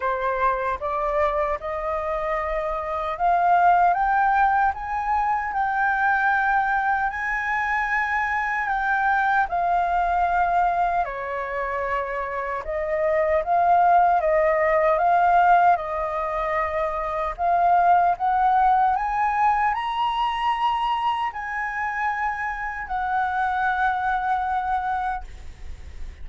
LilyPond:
\new Staff \with { instrumentName = "flute" } { \time 4/4 \tempo 4 = 76 c''4 d''4 dis''2 | f''4 g''4 gis''4 g''4~ | g''4 gis''2 g''4 | f''2 cis''2 |
dis''4 f''4 dis''4 f''4 | dis''2 f''4 fis''4 | gis''4 ais''2 gis''4~ | gis''4 fis''2. | }